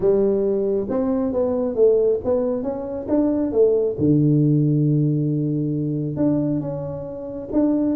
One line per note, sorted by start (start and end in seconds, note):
0.00 0.87 G3
0.89 1.32 C4
1.32 1.75 B3
1.75 2.19 A3
2.24 2.62 B3
2.62 3.07 C#4
3.08 3.52 D4
3.52 3.96 A3
3.98 6.16 D3
6.16 6.60 D4
6.60 7.48 C#4
7.52 7.95 D4